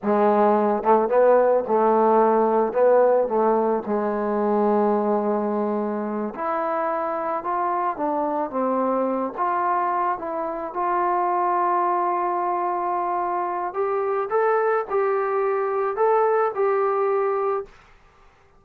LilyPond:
\new Staff \with { instrumentName = "trombone" } { \time 4/4 \tempo 4 = 109 gis4. a8 b4 a4~ | a4 b4 a4 gis4~ | gis2.~ gis8 e'8~ | e'4. f'4 d'4 c'8~ |
c'4 f'4. e'4 f'8~ | f'1~ | f'4 g'4 a'4 g'4~ | g'4 a'4 g'2 | }